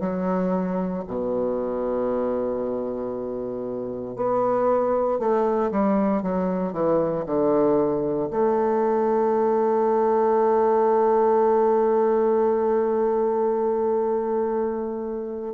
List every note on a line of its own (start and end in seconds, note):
0.00 1.03 F#3
1.07 4.16 B2
4.16 5.19 B3
5.19 5.71 A3
5.71 6.23 G3
6.23 6.72 F#3
6.72 7.24 E3
7.26 8.29 D3
8.30 15.54 A3